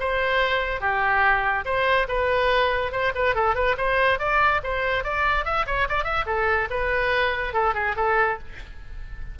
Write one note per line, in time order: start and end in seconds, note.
0.00 0.81 C5
0.81 1.65 G4
1.65 2.07 C5
2.09 2.92 B4
2.92 3.13 C5
3.15 3.35 B4
3.35 3.55 A4
3.55 3.76 B4
3.78 4.20 C5
4.20 4.62 D5
4.64 5.04 C5
5.04 5.45 D5
5.45 5.66 E5
5.67 5.88 C#5
5.89 6.04 D5
6.04 6.25 E5
6.27 6.68 A4
6.71 7.54 B4
7.54 7.75 A4
7.75 7.95 G#4
7.96 8.38 A4